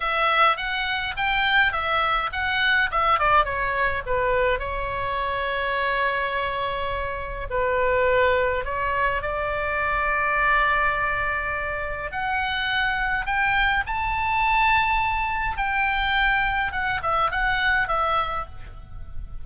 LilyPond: \new Staff \with { instrumentName = "oboe" } { \time 4/4 \tempo 4 = 104 e''4 fis''4 g''4 e''4 | fis''4 e''8 d''8 cis''4 b'4 | cis''1~ | cis''4 b'2 cis''4 |
d''1~ | d''4 fis''2 g''4 | a''2. g''4~ | g''4 fis''8 e''8 fis''4 e''4 | }